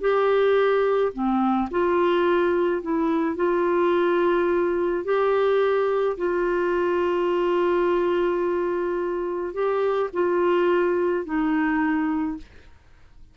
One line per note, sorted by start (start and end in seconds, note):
0.00 1.12 G4
1.12 1.68 C4
1.71 2.81 F4
2.81 3.36 E4
3.36 5.04 F4
5.04 6.16 G4
6.17 9.53 F4
9.53 10.09 G4
10.13 11.25 F4
11.25 12.37 D#4